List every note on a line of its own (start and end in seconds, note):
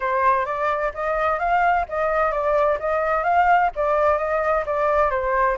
0.00 0.45 C5
0.45 0.92 D5
0.93 1.39 D#5
1.39 1.85 F5
1.88 2.31 D#5
2.31 2.78 D5
2.79 3.23 D#5
3.23 3.70 F5
3.75 4.17 D5
4.17 4.64 D#5
4.66 5.10 D5
5.10 5.57 C5